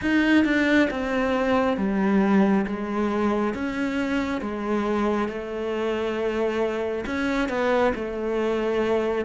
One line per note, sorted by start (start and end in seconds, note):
0.01 0.44 D#4
0.44 0.88 D4
0.90 1.77 C4
1.77 2.65 G3
2.66 3.54 G#3
3.54 4.41 C#4
4.41 5.28 G#3
5.28 7.04 A3
7.05 7.48 C#4
7.48 7.93 B3
7.95 9.25 A3